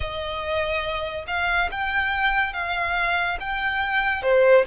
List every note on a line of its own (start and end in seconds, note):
0.00 1.25 D#5
1.27 1.69 F5
1.71 2.53 G5
2.53 3.38 F5
3.40 4.22 G5
4.22 4.64 C5